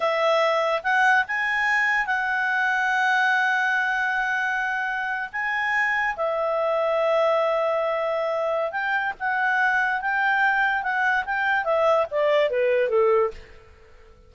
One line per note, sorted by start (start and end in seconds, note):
0.00 0.82 E5
0.83 1.24 F#5
1.27 2.06 G#5
2.06 5.29 F#5
5.32 6.16 G#5
6.16 8.71 E5
8.71 9.13 G5
9.19 10.01 F#5
10.01 10.82 G5
10.82 11.24 F#5
11.25 11.64 G5
11.64 12.06 E5
12.11 12.50 D5
12.50 12.89 B4
12.89 13.30 A4